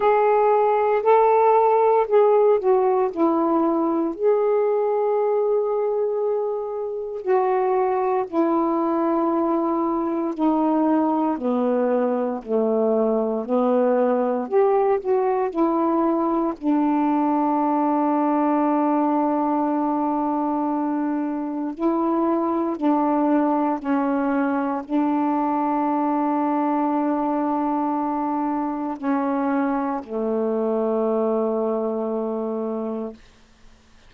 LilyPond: \new Staff \with { instrumentName = "saxophone" } { \time 4/4 \tempo 4 = 58 gis'4 a'4 gis'8 fis'8 e'4 | gis'2. fis'4 | e'2 dis'4 b4 | a4 b4 g'8 fis'8 e'4 |
d'1~ | d'4 e'4 d'4 cis'4 | d'1 | cis'4 a2. | }